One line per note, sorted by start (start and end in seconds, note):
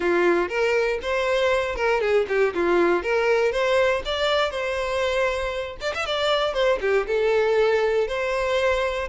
0.00 0.49 F4
0.49 0.99 A#4
1.02 1.75 C5
1.75 2.00 A#4
2.00 2.26 G#4
2.28 2.53 G4
2.54 3.02 F4
3.02 3.52 A#4
3.52 4.02 C5
4.05 4.51 D5
4.51 5.77 C5
5.81 5.93 D5
5.94 6.05 E5
6.05 6.53 D5
6.53 6.78 C5
6.81 7.06 G4
7.06 8.07 A4
8.07 9.08 C5